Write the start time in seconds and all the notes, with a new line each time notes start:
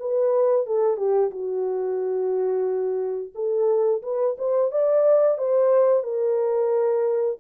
0.00 B4
0.67 A4
0.97 G4
1.31 F#4
3.35 A4
4.03 B4
4.39 C5
4.72 D5
5.38 C5
6.04 A#4